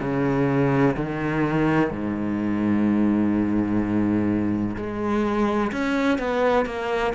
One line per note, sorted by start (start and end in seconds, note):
0.00 0.95 C#3
0.96 1.90 D#3
1.90 4.76 G#2
4.76 5.71 G#3
5.71 6.18 C#4
6.18 6.65 B3
6.65 7.13 A#3